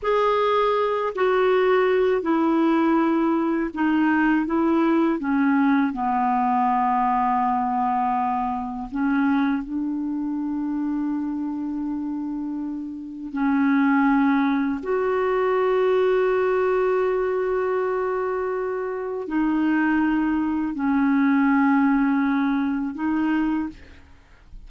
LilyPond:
\new Staff \with { instrumentName = "clarinet" } { \time 4/4 \tempo 4 = 81 gis'4. fis'4. e'4~ | e'4 dis'4 e'4 cis'4 | b1 | cis'4 d'2.~ |
d'2 cis'2 | fis'1~ | fis'2 dis'2 | cis'2. dis'4 | }